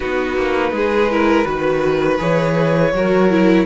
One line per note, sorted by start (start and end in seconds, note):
0.00 0.36 B3
0.00 1.08 D#4
0.00 0.71 F#4
0.00 2.19 B4
0.36 0.71 A#3
0.71 1.45 G#3
0.71 1.11 G#4
1.11 1.45 E4
1.11 1.47 A#4
1.45 2.19 D#3
1.45 2.18 F#4
1.45 2.93 B4
2.18 2.93 E3
2.18 2.91 G#4
2.18 3.66 C#5
2.93 3.66 F#3
2.93 3.29 F#4
2.93 3.66 A#4
3.29 3.66 E4